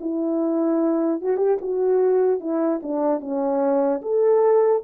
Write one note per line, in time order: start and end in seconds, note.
0.00 1.21 E4
1.21 1.37 F#4
1.37 1.57 G4
1.61 2.40 F#4
2.40 2.80 E4
2.82 3.20 D4
3.20 4.01 C#4
4.02 4.83 A4